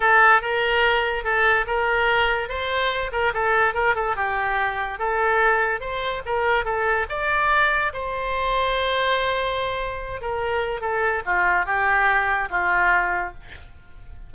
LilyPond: \new Staff \with { instrumentName = "oboe" } { \time 4/4 \tempo 4 = 144 a'4 ais'2 a'4 | ais'2 c''4. ais'8 | a'4 ais'8 a'8 g'2 | a'2 c''4 ais'4 |
a'4 d''2 c''4~ | c''1~ | c''8 ais'4. a'4 f'4 | g'2 f'2 | }